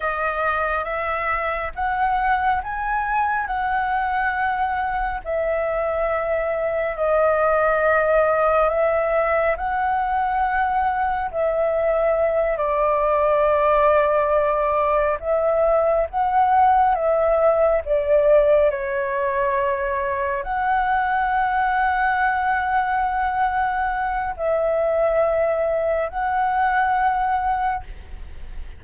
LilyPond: \new Staff \with { instrumentName = "flute" } { \time 4/4 \tempo 4 = 69 dis''4 e''4 fis''4 gis''4 | fis''2 e''2 | dis''2 e''4 fis''4~ | fis''4 e''4. d''4.~ |
d''4. e''4 fis''4 e''8~ | e''8 d''4 cis''2 fis''8~ | fis''1 | e''2 fis''2 | }